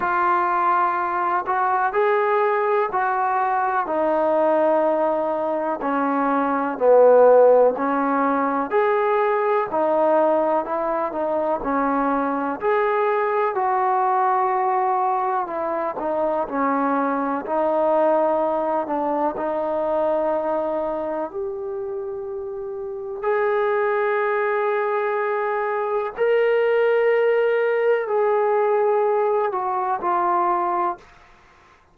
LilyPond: \new Staff \with { instrumentName = "trombone" } { \time 4/4 \tempo 4 = 62 f'4. fis'8 gis'4 fis'4 | dis'2 cis'4 b4 | cis'4 gis'4 dis'4 e'8 dis'8 | cis'4 gis'4 fis'2 |
e'8 dis'8 cis'4 dis'4. d'8 | dis'2 g'2 | gis'2. ais'4~ | ais'4 gis'4. fis'8 f'4 | }